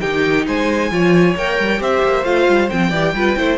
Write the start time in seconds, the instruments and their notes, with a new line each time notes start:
0.00 cello D#3, viola D#4, violin G4 G5
0.47 cello G#3, violin C5 G#5
0.90 cello F3, viola F4, violin C#5
1.36 cello A#3, viola A#4, violin G5
1.59 cello G3
1.78 cello C4, viola G4, violin C5 E5
2.03 cello A#3
2.24 cello A3, viola F4, violin F5
2.48 cello G3
2.69 cello F3, viola C4, violin G5
2.89 cello E3, viola G4, violin D5
3.13 cello G3, viola F4, violin B4
3.37 cello A3, viola E4, violin C5